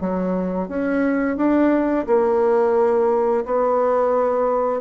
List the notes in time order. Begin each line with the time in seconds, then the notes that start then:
0.00 F#3
0.68 C#4
1.37 D4
2.07 A#3
3.45 B3